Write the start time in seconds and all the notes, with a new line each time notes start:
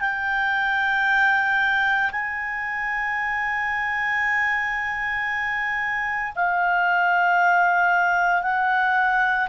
0.00 G5
2.11 G#5
6.35 F5
8.42 F#5